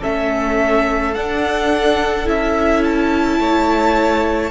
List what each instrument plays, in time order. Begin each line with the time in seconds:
0.00 cello A3, viola C#4, violin A4 E5
1.15 cello D4, viola D4, violin F#5
2.25 cello C#4, viola E4, violin E5
2.84 violin A5
3.40 cello A3, violin C#5